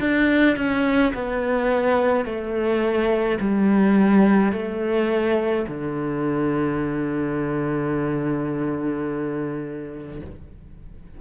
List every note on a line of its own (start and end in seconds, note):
0.00 0.56 D4
0.56 1.13 C#4
1.14 2.25 B3
2.25 3.38 A3
3.40 4.52 G3
4.52 5.66 A3
5.68 10.21 D3